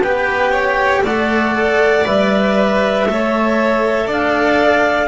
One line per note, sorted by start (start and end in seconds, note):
0.00 1.02 B3
0.00 1.05 G4
0.00 0.52 B4
0.00 1.04 G5
0.52 1.03 C#5
1.03 2.04 A3
1.03 2.05 A4
1.03 3.07 D5
1.03 2.06 F#5
2.05 3.07 G3
2.05 3.06 B4
2.05 4.10 E5
3.07 4.07 A3
3.07 5.07 A4
3.07 4.07 C#5
4.07 5.07 D4
4.07 5.07 D5
4.07 5.07 F5